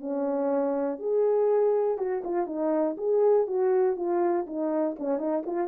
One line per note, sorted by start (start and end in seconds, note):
0.00 0.99 C#4
0.99 1.98 G#4
1.98 2.23 F#4
2.24 2.47 F4
2.47 2.96 D#4
2.97 3.47 G#4
3.47 3.96 F#4
3.96 4.46 F4
4.47 4.96 D#4
4.99 5.18 C#4
5.18 5.43 D#4
5.46 5.68 F4